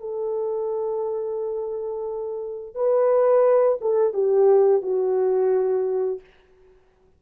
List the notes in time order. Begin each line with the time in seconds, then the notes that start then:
0.00 A4
2.75 B4
3.81 A4
4.13 G4
4.82 F#4